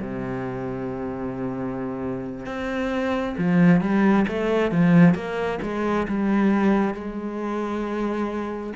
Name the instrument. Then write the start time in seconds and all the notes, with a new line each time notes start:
cello
0.00 C3
2.45 C4
3.37 F3
3.81 G3
4.27 A3
4.71 F3
5.14 A#3
5.62 G#3
6.07 G3
6.94 G#3